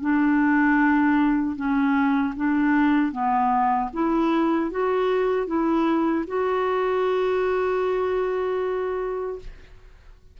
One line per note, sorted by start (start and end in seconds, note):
0.00 1.56 D4
1.56 2.34 C#4
2.36 3.12 D4
3.12 3.90 B3
3.93 4.70 E4
4.70 5.47 F#4
5.47 6.24 E4
6.27 9.39 F#4